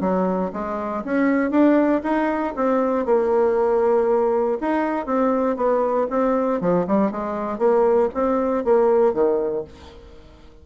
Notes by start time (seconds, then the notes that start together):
0.00 F#3
0.52 G#3
1.04 C#4
1.50 D4
2.03 D#4
2.56 C4
3.05 A#3
4.60 D#4
5.06 C4
5.56 B3
6.10 C4
6.60 F3
6.87 G3
7.11 G#3
7.58 A#3
8.14 C4
8.64 A#3
9.13 D#3